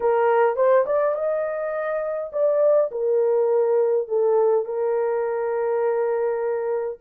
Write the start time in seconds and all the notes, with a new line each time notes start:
0.00 A#4
0.55 C5
0.86 D5
1.15 D#5
2.32 D5
2.91 A#4
4.08 A4
4.65 A#4